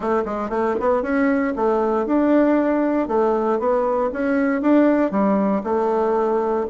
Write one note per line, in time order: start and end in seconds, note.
0.00 0.23 A3
0.25 0.49 G#3
0.49 0.75 A3
0.79 1.02 B3
1.02 1.53 C#4
1.56 2.06 A3
2.06 3.07 D4
3.07 3.59 A3
3.59 4.10 B3
4.13 4.61 C#4
4.61 5.11 D4
5.11 5.62 G3
5.63 6.66 A3